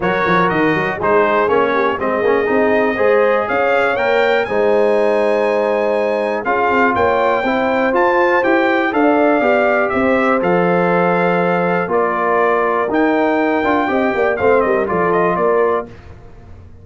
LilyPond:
<<
  \new Staff \with { instrumentName = "trumpet" } { \time 4/4 \tempo 4 = 121 cis''4 dis''4 c''4 cis''4 | dis''2. f''4 | g''4 gis''2.~ | gis''4 f''4 g''2 |
a''4 g''4 f''2 | e''4 f''2. | d''2 g''2~ | g''4 f''8 dis''8 d''8 dis''8 d''4 | }
  \new Staff \with { instrumentName = "horn" } { \time 4/4 ais'2 gis'4. g'8 | gis'2 c''4 cis''4~ | cis''4 c''2.~ | c''4 gis'4 cis''4 c''4~ |
c''2 d''2 | c''1 | ais'1 | dis''8 d''8 c''8 ais'8 a'4 ais'4 | }
  \new Staff \with { instrumentName = "trombone" } { \time 4/4 fis'2 dis'4 cis'4 | c'8 cis'8 dis'4 gis'2 | ais'4 dis'2.~ | dis'4 f'2 e'4 |
f'4 g'4 a'4 g'4~ | g'4 a'2. | f'2 dis'4. f'8 | g'4 c'4 f'2 | }
  \new Staff \with { instrumentName = "tuba" } { \time 4/4 fis8 f8 dis8 fis8 gis4 ais4 | gis8 ais8 c'4 gis4 cis'4 | ais4 gis2.~ | gis4 cis'8 c'8 ais4 c'4 |
f'4 e'4 d'4 b4 | c'4 f2. | ais2 dis'4. d'8 | c'8 ais8 a8 g8 f4 ais4 | }
>>